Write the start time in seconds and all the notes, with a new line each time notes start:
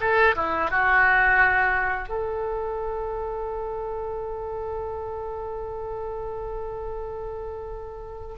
0.00 A4
0.35 E4
0.70 F#4
2.08 A4